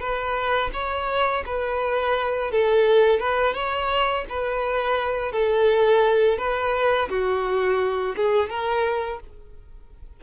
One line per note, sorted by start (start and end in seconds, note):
0.00 0.71 B4
0.73 1.44 C#5
1.46 2.51 B4
2.51 3.20 A4
3.20 3.54 B4
3.54 4.24 C#5
4.29 5.32 B4
5.32 6.38 A4
6.38 7.09 B4
7.09 8.15 F#4
8.16 8.50 G#4
8.50 9.20 A#4